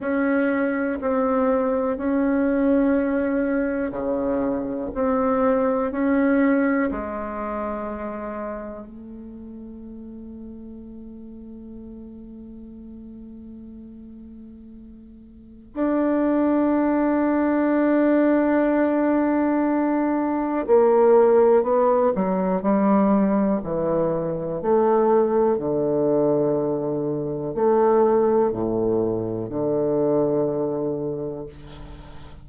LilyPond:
\new Staff \with { instrumentName = "bassoon" } { \time 4/4 \tempo 4 = 61 cis'4 c'4 cis'2 | cis4 c'4 cis'4 gis4~ | gis4 a2.~ | a1 |
d'1~ | d'4 ais4 b8 fis8 g4 | e4 a4 d2 | a4 a,4 d2 | }